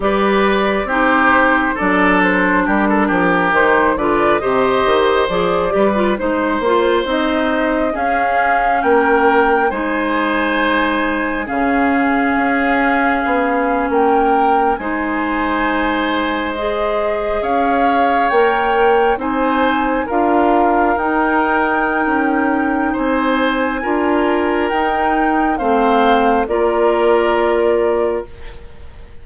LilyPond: <<
  \new Staff \with { instrumentName = "flute" } { \time 4/4 \tempo 4 = 68 d''4 c''4 d''8 c''8 ais'4 | c''8 d''8 dis''4 d''4 c''4 | dis''4 f''4 g''4 gis''4~ | gis''4 f''2~ f''8. g''16~ |
g''8. gis''2 dis''4 f''16~ | f''8. g''4 gis''4 f''4 g''16~ | g''2 gis''2 | g''4 f''4 d''2 | }
  \new Staff \with { instrumentName = "oboe" } { \time 4/4 b'4 g'4 a'4 g'16 a'16 g'8~ | g'8 b'8 c''4. b'8 c''4~ | c''4 gis'4 ais'4 c''4~ | c''4 gis'2~ gis'8. ais'16~ |
ais'8. c''2. cis''16~ | cis''4.~ cis''16 c''4 ais'4~ ais'16~ | ais'2 c''4 ais'4~ | ais'4 c''4 ais'2 | }
  \new Staff \with { instrumentName = "clarinet" } { \time 4/4 g'4 dis'4 d'2 | dis'8 f'8 g'4 gis'8 g'16 f'16 dis'8 f'8 | dis'4 cis'2 dis'4~ | dis'4 cis'2.~ |
cis'8. dis'2 gis'4~ gis'16~ | gis'8. ais'4 dis'4 f'4 dis'16~ | dis'2. f'4 | dis'4 c'4 f'2 | }
  \new Staff \with { instrumentName = "bassoon" } { \time 4/4 g4 c'4 fis4 g8 f8 | dis8 d8 c8 dis8 f8 g8 gis8 ais8 | c'4 cis'4 ais4 gis4~ | gis4 cis4 cis'4 b8. ais16~ |
ais8. gis2. cis'16~ | cis'8. ais4 c'4 d'4 dis'16~ | dis'4 cis'4 c'4 d'4 | dis'4 a4 ais2 | }
>>